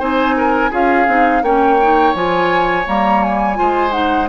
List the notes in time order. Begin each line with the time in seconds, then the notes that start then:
0.00 C4 D#4 C5 G#5
0.38 A#4
0.71 C#4 F4 G#4 F5
1.08 C4 D#4
1.43 A#3 C#4 C#5 G5
1.82 D#4
2.15 F3 F4 G#5
2.86 G3 A#3 A#5
3.23 G#5
3.55 F4 C5
3.61 G#3
3.92 D#4 F#5